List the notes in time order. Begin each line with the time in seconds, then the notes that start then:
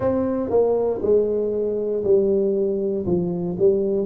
0.00 C4
0.49 A#3
1.02 G#3
2.03 G3
3.06 F3
3.58 G3